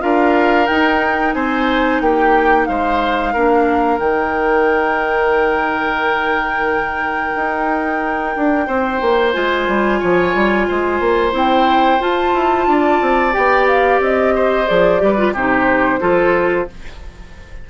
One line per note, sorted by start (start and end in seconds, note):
0.00 0.69 D4
0.00 0.67 F4
0.00 1.36 A#4
0.00 0.67 F5
0.67 1.35 D#4
0.67 3.35 D#4
0.67 1.33 G5
1.34 2.01 C4
1.34 2.02 C5
1.34 2.00 G#5
2.01 2.68 A#3
2.01 2.68 G4
2.01 2.66 G5
2.66 3.35 G#3
2.66 3.33 C5
2.66 3.99 F5
3.33 4.00 A#3
3.33 4.01 D4
3.33 8.67 A#4
3.99 7.33 D#3
3.99 9.34 D#4
3.99 9.33 G5
7.36 8.36 D#4
8.36 8.68 D4
8.67 9.01 C4
8.67 10.00 C5
9.01 9.35 A#3
9.33 9.68 G#3
9.33 11.32 F4
9.33 11.33 G#5
9.68 10.01 G3
10.00 10.34 F3
10.00 10.67 C#5
10.34 10.68 G3
10.68 11.00 G#3
10.68 12.68 C5
11.00 11.32 A#3
11.32 11.99 C4
11.32 11.99 E4
11.32 12.02 G5
12.00 13.32 F4
12.00 12.34 F4
12.00 13.34 A5
12.34 12.67 E4
12.67 13.00 D4
12.67 14.35 D5
13.02 13.35 C4
13.32 14.00 B3
13.32 14.66 G4
13.32 13.67 G5
13.67 14.01 F5
14.00 14.67 C4
14.00 14.68 D#5
14.35 15.02 C5
14.67 15.02 F3
14.67 14.99 G#4
14.67 15.34 D5
14.99 15.33 G3
14.99 15.16 G4
14.99 15.33 B4
15.18 15.34 F4
15.33 16.00 C3
15.33 16.00 D#4
15.33 16.00 G4
15.33 16.70 C5
16.00 16.68 F3
16.00 16.67 F4
16.00 16.67 A4